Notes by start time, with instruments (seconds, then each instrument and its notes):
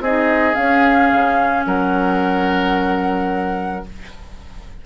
0.00 bassoon C4, clarinet D#4, oboe G#4, flute D#5
0.54 clarinet C#4, bassoon C#4, flute F5
1.12 bassoon C#3
1.66 bassoon F#3, oboe A#4, flute F#5